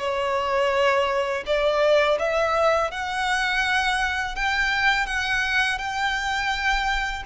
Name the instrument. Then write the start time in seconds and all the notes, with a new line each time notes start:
violin
0.00 C#5
1.47 D5
2.19 E5
2.91 F#5
4.36 G5
5.07 F#5
5.79 G5